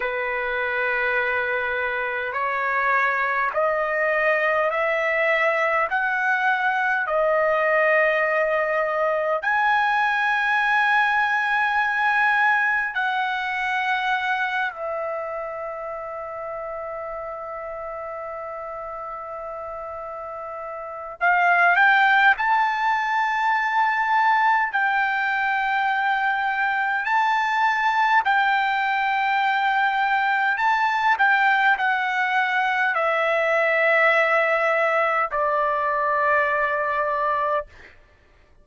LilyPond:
\new Staff \with { instrumentName = "trumpet" } { \time 4/4 \tempo 4 = 51 b'2 cis''4 dis''4 | e''4 fis''4 dis''2 | gis''2. fis''4~ | fis''8 e''2.~ e''8~ |
e''2 f''8 g''8 a''4~ | a''4 g''2 a''4 | g''2 a''8 g''8 fis''4 | e''2 d''2 | }